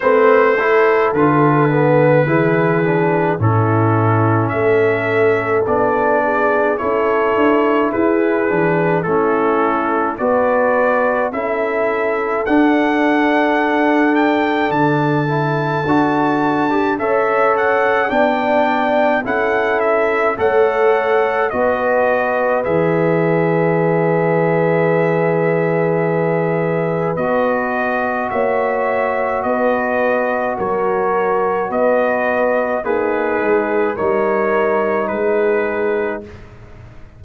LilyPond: <<
  \new Staff \with { instrumentName = "trumpet" } { \time 4/4 \tempo 4 = 53 c''4 b'2 a'4 | e''4 d''4 cis''4 b'4 | a'4 d''4 e''4 fis''4~ | fis''8 g''8 a''2 e''8 fis''8 |
g''4 fis''8 e''8 fis''4 dis''4 | e''1 | dis''4 e''4 dis''4 cis''4 | dis''4 b'4 cis''4 b'4 | }
  \new Staff \with { instrumentName = "horn" } { \time 4/4 b'8 a'4. gis'4 e'4 | a'4. gis'8 a'4 gis'4 | e'4 b'4 a'2~ | a'2. cis''4 |
d''4 a'4 cis''4 b'4~ | b'1~ | b'4 cis''4 b'4 ais'4 | b'4 dis'4 ais'4 gis'4 | }
  \new Staff \with { instrumentName = "trombone" } { \time 4/4 c'8 e'8 f'8 b8 e'8 d'8 cis'4~ | cis'4 d'4 e'4. d'8 | cis'4 fis'4 e'4 d'4~ | d'4. e'8 fis'8. g'16 a'4 |
d'4 e'4 a'4 fis'4 | gis'1 | fis'1~ | fis'4 gis'4 dis'2 | }
  \new Staff \with { instrumentName = "tuba" } { \time 4/4 a4 d4 e4 a,4 | a4 b4 cis'8 d'8 e'8 e8 | a4 b4 cis'4 d'4~ | d'4 d4 d'4 cis'4 |
b4 cis'4 a4 b4 | e1 | b4 ais4 b4 fis4 | b4 ais8 gis8 g4 gis4 | }
>>